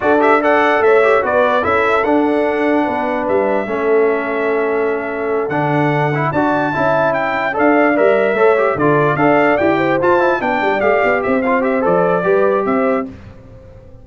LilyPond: <<
  \new Staff \with { instrumentName = "trumpet" } { \time 4/4 \tempo 4 = 147 d''8 e''8 fis''4 e''4 d''4 | e''4 fis''2. | e''1~ | e''4. fis''2 a''8~ |
a''4. g''4 f''4 e''8~ | e''4. d''4 f''4 g''8~ | g''8 a''4 g''4 f''4 e''8 | f''8 e''8 d''2 e''4 | }
  \new Staff \with { instrumentName = "horn" } { \time 4/4 a'4 d''4 cis''4 b'4 | a'2. b'4~ | b'4 a'2.~ | a'2.~ a'8 d''8~ |
d''8 e''2 d''4.~ | d''8 cis''4 a'4 d''4. | c''4. d''2 c''8~ | c''2 b'4 c''4 | }
  \new Staff \with { instrumentName = "trombone" } { \time 4/4 fis'8 g'8 a'4. g'8 fis'4 | e'4 d'2.~ | d'4 cis'2.~ | cis'4. d'4. e'8 fis'8~ |
fis'8 e'2 a'4 ais'8~ | ais'8 a'8 g'8 f'4 a'4 g'8~ | g'8 f'8 e'8 d'4 g'4. | f'8 g'8 a'4 g'2 | }
  \new Staff \with { instrumentName = "tuba" } { \time 4/4 d'2 a4 b4 | cis'4 d'2 b4 | g4 a2.~ | a4. d2 d'8~ |
d'8 cis'2 d'4 g8~ | g8 a4 d4 d'4 e'8~ | e'8 f'4 b8 g8 a8 b8 c'8~ | c'4 f4 g4 c'4 | }
>>